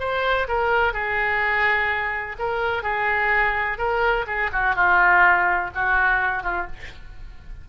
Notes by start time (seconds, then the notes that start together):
0.00 C5
0.48 A#4
0.94 G#4
2.39 A#4
2.83 G#4
3.78 A#4
4.27 G#4
4.53 F#4
4.76 F4
5.75 F#4
6.43 F4